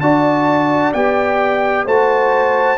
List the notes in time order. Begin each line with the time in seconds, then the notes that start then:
0.00 D4 F#4 D5 A5
0.93 B3 G4 G5
1.85 A3 F#4 C5 A5